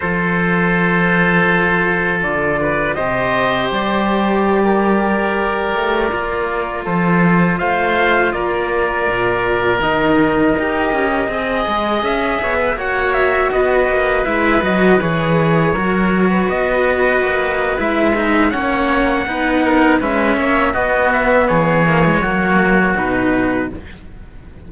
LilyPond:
<<
  \new Staff \with { instrumentName = "trumpet" } { \time 4/4 \tempo 4 = 81 c''2. d''4 | dis''4 d''2.~ | d''4~ d''16 c''4 f''4 d''8.~ | d''4~ d''16 dis''2~ dis''8.~ |
dis''16 e''4 fis''8 e''8 dis''4 e''8 dis''16~ | dis''16 cis''2 dis''4.~ dis''16 | e''4 fis''2 e''4 | dis''8 e''8 cis''2 b'4 | }
  \new Staff \with { instrumentName = "oboe" } { \time 4/4 a'2.~ a'8 b'8 | c''2~ c''16 ais'4.~ ais'16~ | ais'4~ ais'16 a'4 c''4 ais'8.~ | ais'2.~ ais'16 dis''8.~ |
dis''8. cis''16 b'16 cis''4 b'4.~ b'16~ | b'4~ b'16 ais'8. b'2~ | b'4 cis''4 b'8 ais'8 b'8 cis''8 | fis'4 gis'4 fis'2 | }
  \new Staff \with { instrumentName = "cello" } { \time 4/4 f'1 | g'1~ | g'16 f'2.~ f'8.~ | f'4~ f'16 dis'4 g'4 gis'8.~ |
gis'4~ gis'16 fis'2 e'8 fis'16~ | fis'16 gis'4 fis'2~ fis'8. | e'8 dis'8 cis'4 dis'4 cis'4 | b4. ais16 gis16 ais4 dis'4 | }
  \new Staff \with { instrumentName = "cello" } { \time 4/4 f2. d4 | c4 g2~ g8. a16~ | a16 ais4 f4 a4 ais8.~ | ais16 ais,4 dis4 dis'8 cis'8 c'8 gis16~ |
gis16 cis'8 b8 ais4 b8 ais8 gis8 fis16~ | fis16 e4 fis4 b4 ais8. | gis4 ais4 b4 gis8 ais8 | b4 e4 fis4 b,4 | }
>>